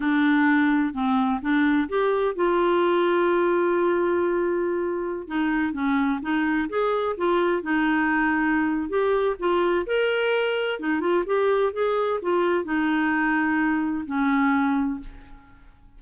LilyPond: \new Staff \with { instrumentName = "clarinet" } { \time 4/4 \tempo 4 = 128 d'2 c'4 d'4 | g'4 f'2.~ | f'2.~ f'16 dis'8.~ | dis'16 cis'4 dis'4 gis'4 f'8.~ |
f'16 dis'2~ dis'8. g'4 | f'4 ais'2 dis'8 f'8 | g'4 gis'4 f'4 dis'4~ | dis'2 cis'2 | }